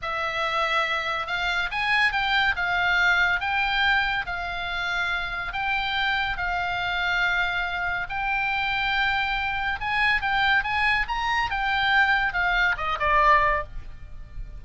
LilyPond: \new Staff \with { instrumentName = "oboe" } { \time 4/4 \tempo 4 = 141 e''2. f''4 | gis''4 g''4 f''2 | g''2 f''2~ | f''4 g''2 f''4~ |
f''2. g''4~ | g''2. gis''4 | g''4 gis''4 ais''4 g''4~ | g''4 f''4 dis''8 d''4. | }